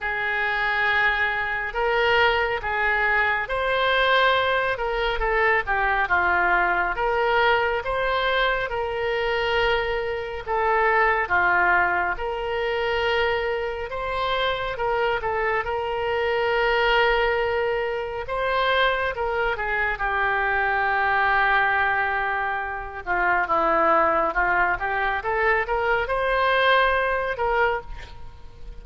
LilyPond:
\new Staff \with { instrumentName = "oboe" } { \time 4/4 \tempo 4 = 69 gis'2 ais'4 gis'4 | c''4. ais'8 a'8 g'8 f'4 | ais'4 c''4 ais'2 | a'4 f'4 ais'2 |
c''4 ais'8 a'8 ais'2~ | ais'4 c''4 ais'8 gis'8 g'4~ | g'2~ g'8 f'8 e'4 | f'8 g'8 a'8 ais'8 c''4. ais'8 | }